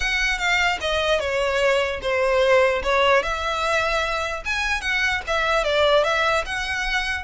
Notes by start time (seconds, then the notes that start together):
0.00 F#5
0.38 F5
0.80 D#5
1.20 C#5
2.01 C5
2.83 C#5
3.22 E5
4.45 G#5
4.81 F#5
5.27 E5
5.64 D5
6.04 E5
6.45 F#5